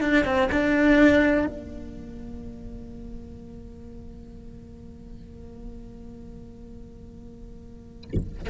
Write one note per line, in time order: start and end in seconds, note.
0.00 0.24 D4
0.24 0.48 C4
0.51 1.46 D4
1.46 8.48 A#3